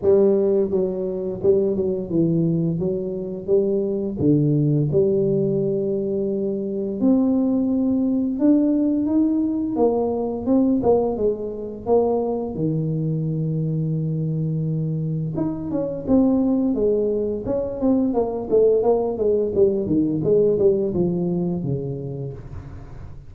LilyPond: \new Staff \with { instrumentName = "tuba" } { \time 4/4 \tempo 4 = 86 g4 fis4 g8 fis8 e4 | fis4 g4 d4 g4~ | g2 c'2 | d'4 dis'4 ais4 c'8 ais8 |
gis4 ais4 dis2~ | dis2 dis'8 cis'8 c'4 | gis4 cis'8 c'8 ais8 a8 ais8 gis8 | g8 dis8 gis8 g8 f4 cis4 | }